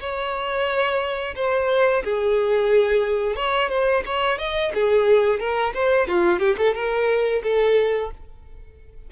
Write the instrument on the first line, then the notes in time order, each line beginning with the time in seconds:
violin
0.00 C#5
1.35 C5
2.04 G#4
3.36 C#5
3.69 C5
4.05 C#5
4.38 D#5
4.74 G#4
5.39 A#4
5.74 C5
6.07 F4
6.39 G4
6.58 A4
6.74 A#4
7.43 A4